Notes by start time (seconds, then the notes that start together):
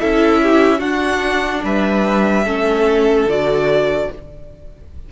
0.00 C#4 E4 A4 E5
0.42 G4
0.79 D4 F#4 F#5
1.64 G3 B4 E5
2.45 A3 C#4 A4
3.26 D3 F#4 D5